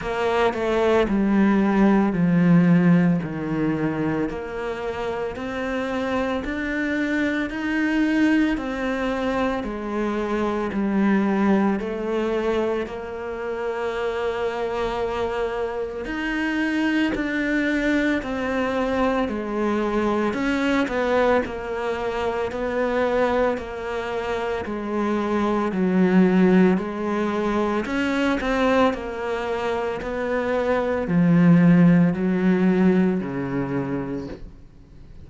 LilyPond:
\new Staff \with { instrumentName = "cello" } { \time 4/4 \tempo 4 = 56 ais8 a8 g4 f4 dis4 | ais4 c'4 d'4 dis'4 | c'4 gis4 g4 a4 | ais2. dis'4 |
d'4 c'4 gis4 cis'8 b8 | ais4 b4 ais4 gis4 | fis4 gis4 cis'8 c'8 ais4 | b4 f4 fis4 cis4 | }